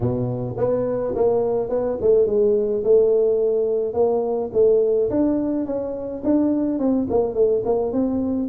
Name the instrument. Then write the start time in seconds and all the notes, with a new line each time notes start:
tuba
0.00 B2
0.57 B3
1.15 A#3
1.69 B3
2.01 A3
2.26 G#3
2.84 A3
3.93 A#3
4.53 A3
5.09 D4
5.65 C#4
6.24 D4
6.78 C4
7.10 A#3
7.34 A3
7.65 A#3
7.92 C4